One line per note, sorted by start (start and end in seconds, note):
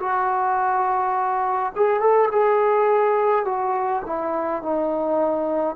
0.00 1.73 F#4
1.76 2.00 G#4
2.00 2.29 A4
2.32 3.45 G#4
3.45 4.03 F#4
4.06 4.63 E4
4.63 5.76 D#4